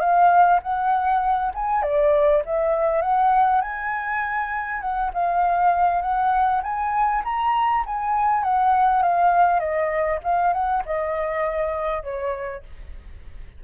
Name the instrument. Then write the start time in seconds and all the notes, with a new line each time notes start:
flute
0.00 F5
0.62 F#5
1.54 G#5
1.82 D5
2.45 E5
3.02 F#5
3.61 G#5
4.81 F#5
5.14 F5
6.01 F#5
6.63 G#5
7.24 A#5
7.86 G#5
8.44 F#5
9.02 F5
9.59 D#5
10.24 F5
10.53 F#5
10.86 D#5
12.03 C#5